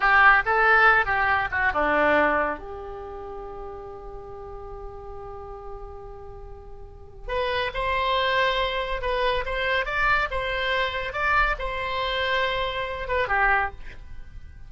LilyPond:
\new Staff \with { instrumentName = "oboe" } { \time 4/4 \tempo 4 = 140 g'4 a'4. g'4 fis'8 | d'2 g'2~ | g'1~ | g'1~ |
g'4 b'4 c''2~ | c''4 b'4 c''4 d''4 | c''2 d''4 c''4~ | c''2~ c''8 b'8 g'4 | }